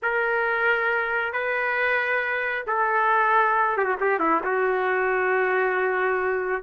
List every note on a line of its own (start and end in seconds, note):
0.02 1.33 A#4
1.33 2.65 B4
2.66 3.77 A4
3.77 3.84 G4
3.84 3.95 F#4
4.00 4.19 G4
4.19 4.41 E4
4.44 6.63 F#4